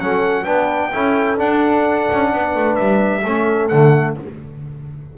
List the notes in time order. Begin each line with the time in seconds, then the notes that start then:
0.00 F#3 C#4 A4 F#5
0.44 B3 D4 B4 G5
0.93 C#4 E4 A4
1.37 D4 F#5
2.13 C#4
2.33 B3 B4
2.55 A3
2.76 G3 E5
3.23 A3 C#4 A4
3.68 D3 A3 F#5